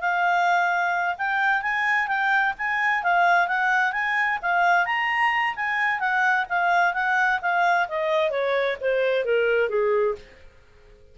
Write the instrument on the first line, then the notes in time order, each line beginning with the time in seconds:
clarinet
0.00 F5
1.18 G5
1.62 G#5
2.07 G5
2.58 G#5
3.03 F5
3.47 F#5
3.92 G#5
4.42 F5
4.85 A#5
5.56 G#5
5.99 F#5
6.49 F5
6.93 F#5
7.41 F5
7.88 D#5
8.30 C#5
8.80 C5
9.25 A#4
9.69 G#4